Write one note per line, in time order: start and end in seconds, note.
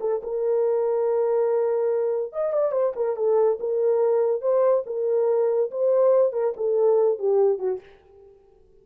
0.00 0.21 A4
0.23 2.32 A#4
2.32 2.53 D#5
2.53 2.72 D5
2.72 2.93 C5
2.95 3.16 A#4
3.16 3.58 A4
3.60 4.41 A#4
4.41 4.83 C5
4.86 5.70 A#4
5.71 6.32 C5
6.32 6.54 A#4
6.56 7.19 A4
7.19 7.58 G4
7.58 7.80 F#4